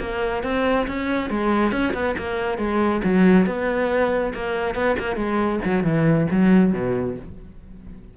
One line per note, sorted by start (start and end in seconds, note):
0.00 0.43 A#3
0.43 0.87 C4
0.88 1.30 C#4
1.30 1.72 G#3
1.72 1.93 C#4
1.94 2.16 B3
2.18 2.58 A#3
2.58 3.02 G#3
3.04 3.46 F#3
3.46 4.33 B3
4.34 4.75 A#3
4.75 4.97 B3
4.99 5.16 A#3
5.16 5.60 G#3
5.65 5.84 F#3
5.84 6.27 E3
6.31 6.73 F#3
6.73 7.17 B2